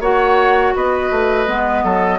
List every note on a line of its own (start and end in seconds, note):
0.00 0.73 A#3
0.00 1.47 F#4
0.00 0.74 C#5
0.00 0.76 F#5
0.75 1.11 B3
0.75 1.84 B4
0.75 2.19 D#5
1.11 1.47 A3
1.47 1.84 G#3
1.47 2.19 B3
1.84 2.19 F#3
1.84 2.19 A4